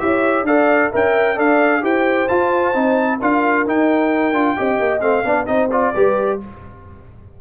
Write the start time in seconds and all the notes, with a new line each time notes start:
0.00 E4 G4 C#5 E5
0.43 D4 A4 D5 F5
0.91 C#4 A#4 E5 G5
1.36 D4 A4 D5 F5
1.82 E4 G4 C5 G5
2.29 F4 A5
2.74 C4 D#4
3.21 D4 F4 A#4 F5
3.67 D#4 G5
4.33 D4 F4
4.57 C4 G4 D#5
4.80 A#3
5.01 A3 C4 F5
5.24 B3 D4 D5
5.47 C4 D#4 C5 D#5
5.72 F4 D5
5.95 G3 G4 B4